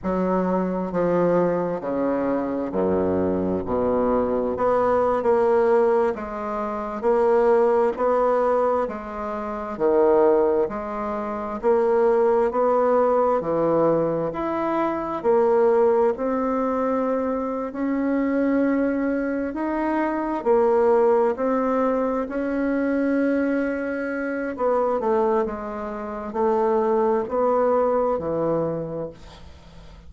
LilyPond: \new Staff \with { instrumentName = "bassoon" } { \time 4/4 \tempo 4 = 66 fis4 f4 cis4 fis,4 | b,4 b8. ais4 gis4 ais16~ | ais8. b4 gis4 dis4 gis16~ | gis8. ais4 b4 e4 e'16~ |
e'8. ais4 c'4.~ c'16 cis'8~ | cis'4. dis'4 ais4 c'8~ | c'8 cis'2~ cis'8 b8 a8 | gis4 a4 b4 e4 | }